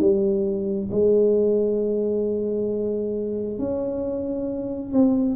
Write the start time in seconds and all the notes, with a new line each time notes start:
0.00 G3
0.92 G#3
3.59 C#4
4.93 C4